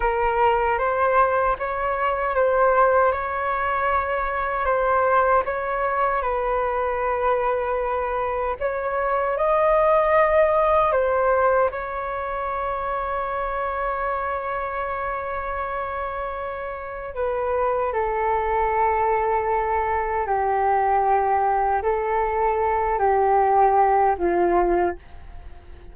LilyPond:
\new Staff \with { instrumentName = "flute" } { \time 4/4 \tempo 4 = 77 ais'4 c''4 cis''4 c''4 | cis''2 c''4 cis''4 | b'2. cis''4 | dis''2 c''4 cis''4~ |
cis''1~ | cis''2 b'4 a'4~ | a'2 g'2 | a'4. g'4. f'4 | }